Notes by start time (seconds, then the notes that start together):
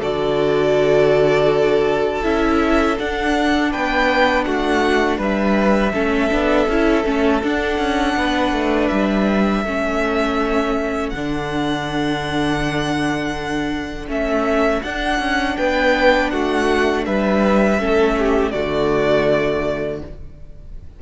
0.00 D3 F#4 A4 D5
2.22 C#4 E4 E5
2.98 D4 F#5
3.71 B3 B4 G5
4.44 A3 F#4 F#5
5.18 G3 B4 E5
5.93 A3 C#4 A4
6.30 B3 D4
6.68 C#4 E4
7.04 A3 C#4
7.43 D4 F#5
7.78 C#4
8.16 B3 B4
8.52 A3
8.87 G3 E5
9.63 A3 C#4 A4
11.09 D3 D4 F#5
14.07 A3 C#4 E5
14.82 D4 F#5
15.19 C#4
15.56 B3 B4 G5
16.30 A3 F#4 F#5
17.05 G3 B4 E5
17.78 A3 C#4 A4
18.18 G4
18.51 D3 A3 F#4 D5